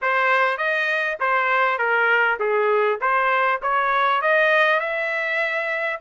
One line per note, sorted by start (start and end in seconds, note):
0.01 0.57 C5
0.57 1.17 D#5
1.19 1.78 C5
1.78 2.38 A#4
2.39 2.99 G#4
3.01 3.61 C5
3.62 4.21 C#5
4.21 4.80 D#5
4.80 6.00 E5